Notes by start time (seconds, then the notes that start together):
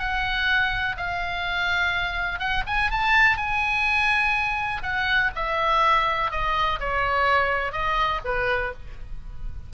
0.00 F#5
0.97 F5
2.40 F#5
2.67 G#5
2.91 A5
3.37 G#5
4.83 F#5
5.36 E5
6.32 D#5
6.80 C#5
7.73 D#5
8.25 B4